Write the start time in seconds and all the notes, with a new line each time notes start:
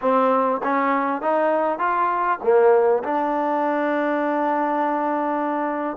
0.01 C4
0.63 C#4
1.21 D#4
1.78 F4
2.43 A#3
3.03 D4